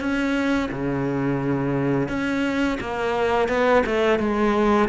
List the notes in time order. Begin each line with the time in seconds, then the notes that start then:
0.00 C#4
0.72 C#3
2.09 C#4
2.81 A#3
3.49 B3
3.86 A3
4.19 G#3